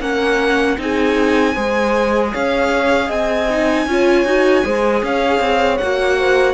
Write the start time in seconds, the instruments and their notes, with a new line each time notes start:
0.00 cello A#3, viola C#4, horn A#4, violin F#5
0.78 cello C4, viola D#4, horn G#4, violin G#5
1.54 cello G#3, viola G#4, horn C5
2.32 cello C#4, horn C#5, violin F5
3.08 cello C4, horn D#5, violin G#5
3.50 viola D#4
3.87 cello C#4, viola F4, horn C#5
4.25 cello D#4, viola F#4
4.64 cello G#3, viola G#4, horn C5
5.02 cello C#4, horn C#5, violin F5
5.40 cello C4
5.78 cello A#3, viola F#4, violin F#5
6.18 horn C5